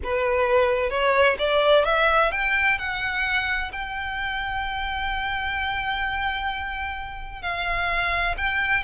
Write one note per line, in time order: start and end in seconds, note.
0.03 0.90 B4
0.90 1.36 C#5
1.38 1.85 D5
1.85 2.31 E5
2.31 2.78 G5
2.78 3.71 F#5
3.72 7.42 G5
7.42 8.35 F5
8.37 8.83 G5